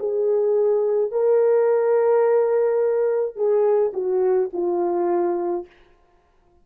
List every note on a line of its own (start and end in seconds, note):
0.00 1.12 G#4
1.12 3.36 A#4
3.36 3.93 G#4
3.94 4.50 F#4
4.54 5.67 F4